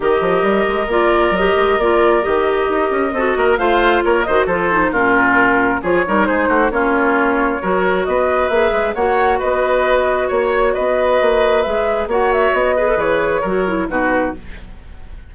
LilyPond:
<<
  \new Staff \with { instrumentName = "flute" } { \time 4/4 \tempo 4 = 134 dis''2 d''4 dis''4 | d''4 dis''2. | f''4 cis''8 dis''8 c''4 ais'4~ | ais'4 cis''4 c''4 cis''4~ |
cis''2 dis''4 e''4 | fis''4 dis''2 cis''4 | dis''2 e''4 fis''8 e''8 | dis''4 cis''2 b'4 | }
  \new Staff \with { instrumentName = "oboe" } { \time 4/4 ais'1~ | ais'2. a'8 ais'8 | c''4 ais'8 c''8 a'4 f'4~ | f'4 gis'8 ais'8 gis'8 fis'8 f'4~ |
f'4 ais'4 b'2 | cis''4 b'2 cis''4 | b'2. cis''4~ | cis''8 b'4. ais'4 fis'4 | }
  \new Staff \with { instrumentName = "clarinet" } { \time 4/4 g'2 f'4 g'4 | f'4 g'2 fis'4 | f'4. fis'8 f'8 dis'8 cis'4~ | cis'4 f'8 dis'4. cis'4~ |
cis'4 fis'2 gis'4 | fis'1~ | fis'2 gis'4 fis'4~ | fis'8 gis'16 a'16 gis'4 fis'8 e'8 dis'4 | }
  \new Staff \with { instrumentName = "bassoon" } { \time 4/4 dis8 f8 g8 gis8 ais4 fis8 gis8 | ais4 dis4 dis'8 cis'8 c'8 ais8 | a4 ais8 dis8 f4 ais,4~ | ais,4 f8 g8 gis8 a8 ais4~ |
ais4 fis4 b4 ais8 gis8 | ais4 b2 ais4 | b4 ais4 gis4 ais4 | b4 e4 fis4 b,4 | }
>>